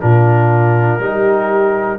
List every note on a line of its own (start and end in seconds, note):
0.00 0.99 A#2
0.00 1.00 D4
0.00 1.01 F4
0.00 1.98 A#4
0.99 1.98 G3
0.99 1.98 D#4
0.99 1.98 G4